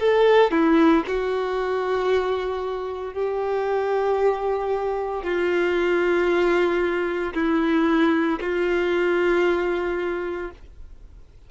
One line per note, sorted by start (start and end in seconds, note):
0.00 0.52 A4
0.52 1.04 E4
1.08 3.14 F#4
3.14 5.23 G4
5.23 7.34 F4
7.34 8.40 E4
8.41 10.51 F4